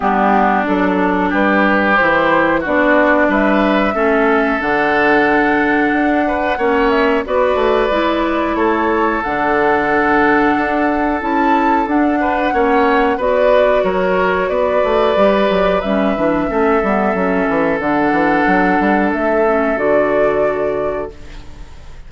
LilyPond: <<
  \new Staff \with { instrumentName = "flute" } { \time 4/4 \tempo 4 = 91 g'4 a'4 b'4 c''4 | d''4 e''2 fis''4~ | fis''2~ fis''8 e''8 d''4~ | d''4 cis''4 fis''2~ |
fis''4 a''4 fis''2 | d''4 cis''4 d''2 | e''2. fis''4~ | fis''4 e''4 d''2 | }
  \new Staff \with { instrumentName = "oboe" } { \time 4/4 d'2 g'2 | fis'4 b'4 a'2~ | a'4. b'8 cis''4 b'4~ | b'4 a'2.~ |
a'2~ a'8 b'8 cis''4 | b'4 ais'4 b'2~ | b'4 a'2.~ | a'1 | }
  \new Staff \with { instrumentName = "clarinet" } { \time 4/4 b4 d'2 e'4 | d'2 cis'4 d'4~ | d'2 cis'4 fis'4 | e'2 d'2~ |
d'4 e'4 d'4 cis'4 | fis'2. g'4 | cis'8 d'8 cis'8 b8 cis'4 d'4~ | d'4. cis'8 fis'2 | }
  \new Staff \with { instrumentName = "bassoon" } { \time 4/4 g4 fis4 g4 e4 | b4 g4 a4 d4~ | d4 d'4 ais4 b8 a8 | gis4 a4 d2 |
d'4 cis'4 d'4 ais4 | b4 fis4 b8 a8 g8 fis8 | g8 e8 a8 g8 fis8 e8 d8 e8 | fis8 g8 a4 d2 | }
>>